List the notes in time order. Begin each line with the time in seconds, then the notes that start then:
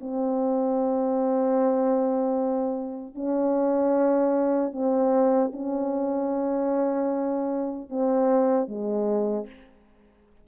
0.00 C4
3.15 C#4
4.72 C4
5.52 C#4
7.89 C4
8.67 G#3